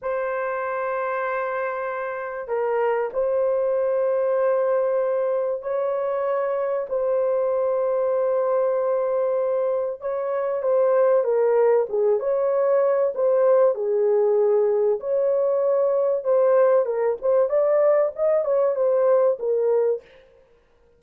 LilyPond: \new Staff \with { instrumentName = "horn" } { \time 4/4 \tempo 4 = 96 c''1 | ais'4 c''2.~ | c''4 cis''2 c''4~ | c''1 |
cis''4 c''4 ais'4 gis'8 cis''8~ | cis''4 c''4 gis'2 | cis''2 c''4 ais'8 c''8 | d''4 dis''8 cis''8 c''4 ais'4 | }